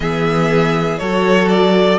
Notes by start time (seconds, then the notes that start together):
0.00 E3 B3 G#4 E5
0.98 F#3 F#4 A4 C#5
1.49 D5